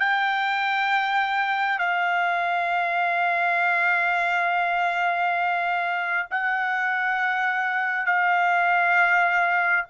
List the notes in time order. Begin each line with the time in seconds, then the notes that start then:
0.00 G5
1.79 F5
6.31 F#5
8.06 F5